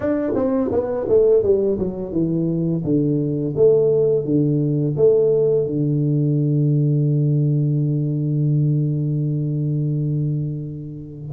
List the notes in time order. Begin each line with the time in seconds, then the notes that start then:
0.00 D4
0.35 C4
0.71 B3
1.08 A3
1.42 G3
1.78 F#3
2.12 E3
2.84 D3
3.56 A3
4.24 D3
4.96 A3
5.66 D3